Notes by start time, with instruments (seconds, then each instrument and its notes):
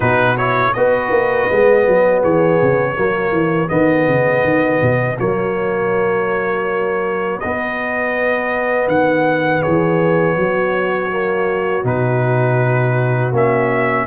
0.00 tuba B2, trombone D#4, horn F#4, trumpet B4
0.37 trombone E4, trumpet C#5
0.73 tuba B3, trombone F#4, horn B4, trumpet D#5
1.10 tuba A#3
1.50 tuba G#3, trombone B3
1.87 tuba F#3
2.22 tuba E3, horn G#4, trumpet C#5
2.62 tuba C#3
2.95 tuba F#3, trombone A#3, horn F#4
3.31 tuba E3
3.68 tuba D#3, trombone B3, trumpet D#5
4.07 tuba C#3
4.43 tuba D#3
4.81 tuba B2
5.19 tuba F#3, trombone A#3, trumpet C#5
7.40 trombone B3, tuba B3, trumpet D#5
8.87 tuba D#3, trumpet F#5
9.61 tuba E3, horn G#4, trumpet C#5
10.36 tuba F#3, horn F#4
11.10 trombone A#3
11.83 tuba B2, trombone D#4, trumpet B4
13.31 tuba A#3, trombone C#4, trumpet E5